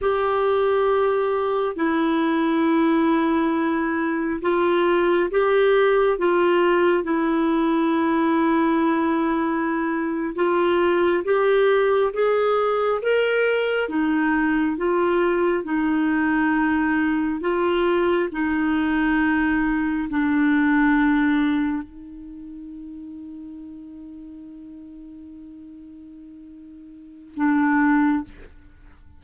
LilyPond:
\new Staff \with { instrumentName = "clarinet" } { \time 4/4 \tempo 4 = 68 g'2 e'2~ | e'4 f'4 g'4 f'4 | e'2.~ e'8. f'16~ | f'8. g'4 gis'4 ais'4 dis'16~ |
dis'8. f'4 dis'2 f'16~ | f'8. dis'2 d'4~ d'16~ | d'8. dis'2.~ dis'16~ | dis'2. d'4 | }